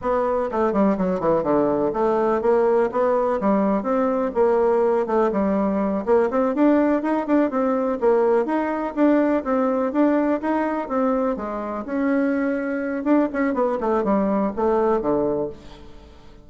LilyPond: \new Staff \with { instrumentName = "bassoon" } { \time 4/4 \tempo 4 = 124 b4 a8 g8 fis8 e8 d4 | a4 ais4 b4 g4 | c'4 ais4. a8 g4~ | g8 ais8 c'8 d'4 dis'8 d'8 c'8~ |
c'8 ais4 dis'4 d'4 c'8~ | c'8 d'4 dis'4 c'4 gis8~ | gis8 cis'2~ cis'8 d'8 cis'8 | b8 a8 g4 a4 d4 | }